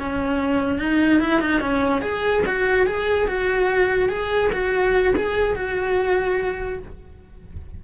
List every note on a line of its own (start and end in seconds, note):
0.00 0.79 C#4
0.79 1.21 D#4
1.21 1.41 E4
1.41 1.61 D#4
1.61 2.02 C#4
2.02 2.43 G#4
2.47 2.87 F#4
2.87 3.28 G#4
3.28 4.10 F#4
4.10 4.51 G#4
4.53 5.15 F#4
5.16 5.56 G#4
5.56 6.80 F#4